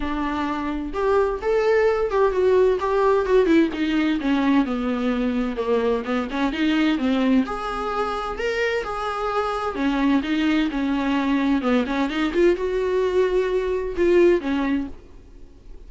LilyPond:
\new Staff \with { instrumentName = "viola" } { \time 4/4 \tempo 4 = 129 d'2 g'4 a'4~ | a'8 g'8 fis'4 g'4 fis'8 e'8 | dis'4 cis'4 b2 | ais4 b8 cis'8 dis'4 c'4 |
gis'2 ais'4 gis'4~ | gis'4 cis'4 dis'4 cis'4~ | cis'4 b8 cis'8 dis'8 f'8 fis'4~ | fis'2 f'4 cis'4 | }